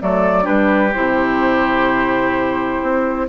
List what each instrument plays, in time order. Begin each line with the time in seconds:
0.00 bassoon F#3, clarinet A3, oboe A4, flute D5
0.42 bassoon G3, clarinet D4, oboe G4, flute B4
0.93 bassoon C3, clarinet E4, flute C5
2.82 bassoon C4